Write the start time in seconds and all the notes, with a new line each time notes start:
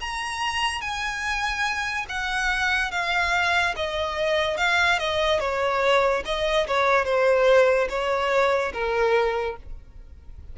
0.00 A#5
0.81 G#5
2.09 F#5
2.91 F5
3.76 D#5
4.57 F5
4.98 D#5
5.39 C#5
6.25 D#5
6.67 C#5
7.05 C5
7.89 C#5
8.73 A#4